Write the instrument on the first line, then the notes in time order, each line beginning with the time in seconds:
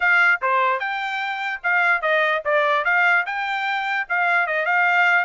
trumpet
0.00 F5
0.41 C5
0.79 G5
1.63 F5
2.01 D#5
2.44 D5
2.84 F5
3.26 G5
4.09 F5
4.46 D#5
4.65 F5